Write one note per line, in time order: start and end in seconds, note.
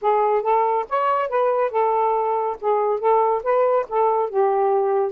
0.01 0.42 G#4
0.42 0.85 A4
0.89 1.29 C#5
1.29 1.70 B4
1.70 2.56 A4
2.60 2.99 G#4
2.99 3.42 A4
3.43 3.86 B4
3.89 4.29 A4
4.29 5.12 G4